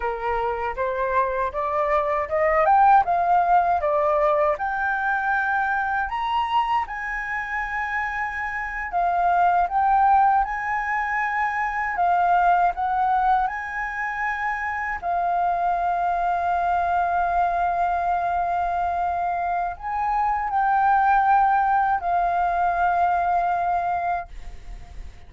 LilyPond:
\new Staff \with { instrumentName = "flute" } { \time 4/4 \tempo 4 = 79 ais'4 c''4 d''4 dis''8 g''8 | f''4 d''4 g''2 | ais''4 gis''2~ gis''8. f''16~ | f''8. g''4 gis''2 f''16~ |
f''8. fis''4 gis''2 f''16~ | f''1~ | f''2 gis''4 g''4~ | g''4 f''2. | }